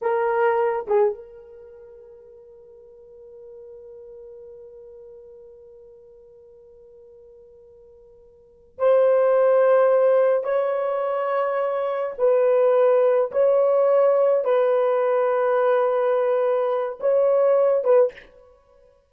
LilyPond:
\new Staff \with { instrumentName = "horn" } { \time 4/4 \tempo 4 = 106 ais'4. gis'8 ais'2~ | ais'1~ | ais'1~ | ais'2.~ ais'8 c''8~ |
c''2~ c''8 cis''4.~ | cis''4. b'2 cis''8~ | cis''4. b'2~ b'8~ | b'2 cis''4. b'8 | }